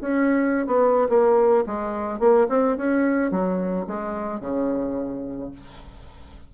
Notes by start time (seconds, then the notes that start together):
0.00 C#4
0.66 B3
1.09 A#3
1.66 G#3
2.19 A#3
2.49 C4
2.77 C#4
3.31 F#3
3.87 G#3
4.40 C#3